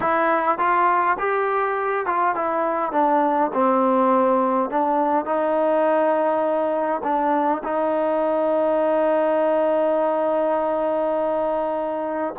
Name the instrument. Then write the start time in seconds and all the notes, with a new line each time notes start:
trombone
0.00 E4
0.58 F4
1.18 G4
2.06 F4
2.35 E4
2.92 D4
3.53 C4
4.70 D4
5.25 D#4
7.03 D4
7.63 D#4